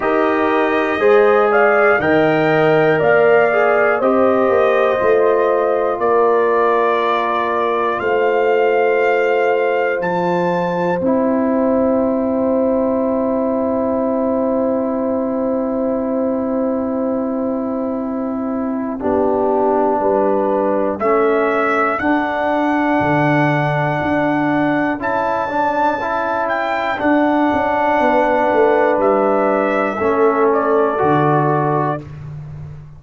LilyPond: <<
  \new Staff \with { instrumentName = "trumpet" } { \time 4/4 \tempo 4 = 60 dis''4. f''8 g''4 f''4 | dis''2 d''2 | f''2 a''4 g''4~ | g''1~ |
g''1~ | g''4 e''4 fis''2~ | fis''4 a''4. g''8 fis''4~ | fis''4 e''4. d''4. | }
  \new Staff \with { instrumentName = "horn" } { \time 4/4 ais'4 c''8 d''8 dis''4 d''4 | c''2 ais'2 | c''1~ | c''1~ |
c''2. g'4 | b'4 a'2.~ | a'1 | b'2 a'2 | }
  \new Staff \with { instrumentName = "trombone" } { \time 4/4 g'4 gis'4 ais'4. gis'8 | g'4 f'2.~ | f'2. e'4~ | e'1~ |
e'2. d'4~ | d'4 cis'4 d'2~ | d'4 e'8 d'8 e'4 d'4~ | d'2 cis'4 fis'4 | }
  \new Staff \with { instrumentName = "tuba" } { \time 4/4 dis'4 gis4 dis4 ais4 | c'8 ais8 a4 ais2 | a2 f4 c'4~ | c'1~ |
c'2. b4 | g4 a4 d'4 d4 | d'4 cis'2 d'8 cis'8 | b8 a8 g4 a4 d4 | }
>>